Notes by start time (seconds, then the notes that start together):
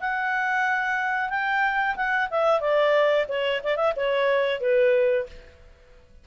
0.00 F#5
1.29 G5
1.96 F#5
2.30 E5
2.60 D5
3.28 C#5
3.64 D5
3.76 E5
3.96 C#5
4.60 B4